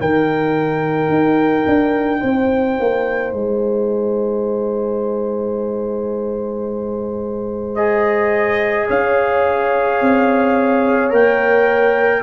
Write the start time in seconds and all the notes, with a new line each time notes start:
0.00 D#3 D#4 A#4 G5
1.09 D#4
1.66 D4
2.20 C4 C5
2.79 A#3
3.33 G#3 G#5
7.75 G#4 D#5
8.87 C#4 C#5 F5
10.01 C4
11.10 A#3 A#4 G5